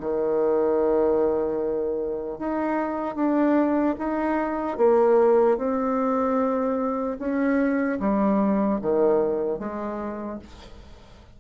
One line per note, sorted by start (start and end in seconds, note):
0.00 2.39 D#3
2.39 3.15 D#4
3.15 3.95 D4
3.98 4.77 D#4
4.77 5.57 A#3
5.57 7.17 C4
7.19 7.99 C#4
8.00 8.80 G3
8.81 9.59 D#3
9.59 10.39 G#3